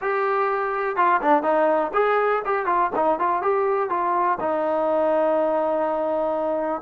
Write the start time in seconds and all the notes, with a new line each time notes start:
0.01 G4
0.96 F4
1.21 D4
1.42 D#4
1.93 G#4
2.45 G4
2.66 F4
2.95 D#4
3.19 F4
3.42 G4
3.89 F4
4.40 D#4